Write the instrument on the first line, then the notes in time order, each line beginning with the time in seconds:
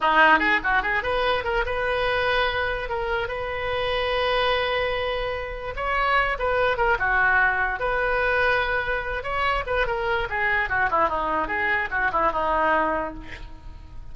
oboe
0.01 D#4
0.39 G#4
0.63 F#4
0.82 G#4
1.03 B4
1.44 A#4
1.65 B4
2.89 A#4
3.28 B4
5.76 C#5
6.38 B4
6.77 A#4
6.99 F#4
7.79 B4
9.23 C#5
9.66 B4
9.86 A#4
10.29 G#4
10.69 F#4
10.90 E4
11.08 D#4
11.47 G#4
11.90 F#4
12.12 E4
12.32 D#4